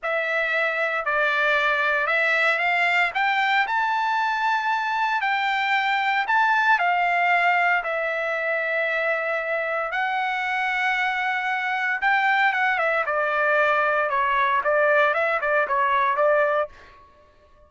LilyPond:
\new Staff \with { instrumentName = "trumpet" } { \time 4/4 \tempo 4 = 115 e''2 d''2 | e''4 f''4 g''4 a''4~ | a''2 g''2 | a''4 f''2 e''4~ |
e''2. fis''4~ | fis''2. g''4 | fis''8 e''8 d''2 cis''4 | d''4 e''8 d''8 cis''4 d''4 | }